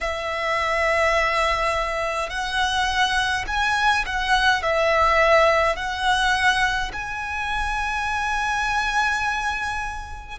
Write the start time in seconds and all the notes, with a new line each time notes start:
0.01 E5
2.29 F#5
3.47 G#5
4.06 F#5
4.62 E5
5.75 F#5
6.92 G#5